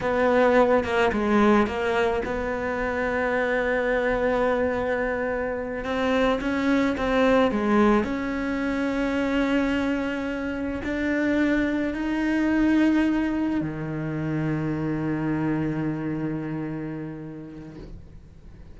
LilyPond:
\new Staff \with { instrumentName = "cello" } { \time 4/4 \tempo 4 = 108 b4. ais8 gis4 ais4 | b1~ | b2~ b8 c'4 cis'8~ | cis'8 c'4 gis4 cis'4.~ |
cis'2.~ cis'8 d'8~ | d'4. dis'2~ dis'8~ | dis'8 dis2.~ dis8~ | dis1 | }